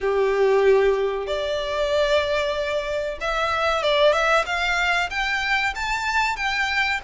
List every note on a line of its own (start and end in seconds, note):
0.00 1.26 G4
1.26 3.18 D5
3.21 3.82 E5
3.82 4.12 D5
4.12 4.44 E5
4.45 5.09 F5
5.09 5.73 G5
5.74 6.36 A5
6.36 7.00 G5